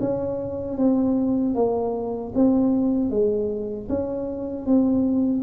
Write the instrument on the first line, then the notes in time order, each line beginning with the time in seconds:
tuba
0.00 C#4
0.77 C4
1.54 A#3
2.34 C4
3.10 G#3
3.89 C#4
4.66 C4